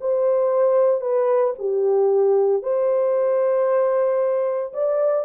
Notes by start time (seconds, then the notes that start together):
0.00 C5
1.00 B4
1.58 G4
2.62 C5
4.73 D5